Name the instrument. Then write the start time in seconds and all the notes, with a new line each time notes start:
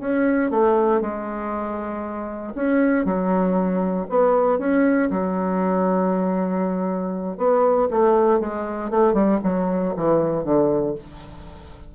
bassoon
0.00 C#4
0.51 A3
1.01 G#3
2.55 C#4
3.05 F#3
4.10 B3
4.59 C#4
5.11 F#3
7.38 B3
7.91 A3
8.40 G#3
8.91 A3
9.14 G3
9.44 F#3
9.97 E3
10.44 D3